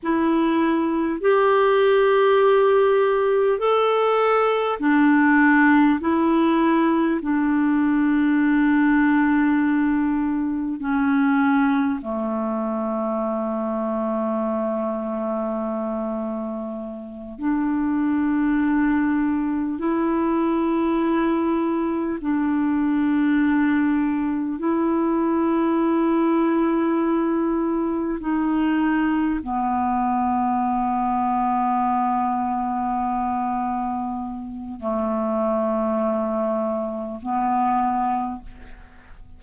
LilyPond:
\new Staff \with { instrumentName = "clarinet" } { \time 4/4 \tempo 4 = 50 e'4 g'2 a'4 | d'4 e'4 d'2~ | d'4 cis'4 a2~ | a2~ a8 d'4.~ |
d'8 e'2 d'4.~ | d'8 e'2. dis'8~ | dis'8 b2.~ b8~ | b4 a2 b4 | }